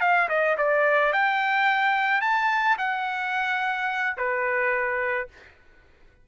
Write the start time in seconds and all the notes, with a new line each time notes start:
0.00 F5
0.28 D#5
0.57 D5
1.13 G5
2.21 A5
2.78 F#5
4.17 B4